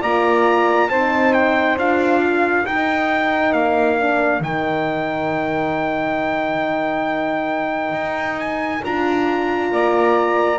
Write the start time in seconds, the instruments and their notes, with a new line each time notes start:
0.00 double bass A#3, horn F4, saxophone D5, trumpet A#5
0.90 double bass C4, horn D#4, saxophone C5, trumpet A5
1.33 trumpet G5
1.76 double bass D4, horn F4, trumpet F5
2.21 saxophone A#4
2.66 horn D#4, double bass D#4, trumpet G5
3.53 double bass A#3, trumpet F5
3.98 horn D4
4.40 double bass D#3, horn D#4, trumpet G5
7.92 double bass D#4
8.39 trumpet G#5
8.83 double bass D4, horn F4, trumpet A#5
9.72 double bass A#3, saxophone D5